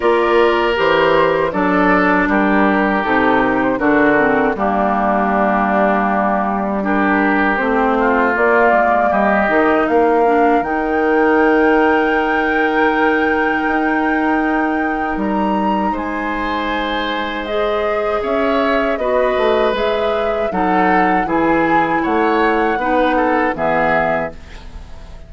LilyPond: <<
  \new Staff \with { instrumentName = "flute" } { \time 4/4 \tempo 4 = 79 d''4 c''4 d''4 ais'4 | a'8 ais'16 c''16 ais'4 g'2~ | g'4 ais'4 c''4 d''4 | dis''4 f''4 g''2~ |
g''1 | ais''4 gis''2 dis''4 | e''4 dis''4 e''4 fis''4 | gis''4 fis''2 e''4 | }
  \new Staff \with { instrumentName = "oboe" } { \time 4/4 ais'2 a'4 g'4~ | g'4 fis'4 d'2~ | d'4 g'4. f'4. | g'4 ais'2.~ |
ais'1~ | ais'4 c''2. | cis''4 b'2 a'4 | gis'4 cis''4 b'8 a'8 gis'4 | }
  \new Staff \with { instrumentName = "clarinet" } { \time 4/4 f'4 g'4 d'2 | dis'4 d'8 c'8 ais2~ | ais4 d'4 c'4 ais4~ | ais8 dis'4 d'8 dis'2~ |
dis'1~ | dis'2. gis'4~ | gis'4 fis'4 gis'4 dis'4 | e'2 dis'4 b4 | }
  \new Staff \with { instrumentName = "bassoon" } { \time 4/4 ais4 e4 fis4 g4 | c4 d4 g2~ | g2 a4 ais8 gis8 | g8 dis8 ais4 dis2~ |
dis2 dis'2 | g4 gis2. | cis'4 b8 a8 gis4 fis4 | e4 a4 b4 e4 | }
>>